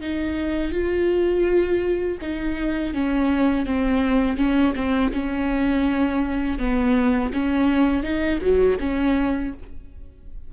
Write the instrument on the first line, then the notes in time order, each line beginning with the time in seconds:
viola
0.00 D#4
0.71 F4
2.21 D#4
2.93 C#4
3.65 C4
4.37 C#4
4.75 C4
5.13 C#4
6.59 B3
7.33 C#4
8.03 D#4
8.41 F#3
8.79 C#4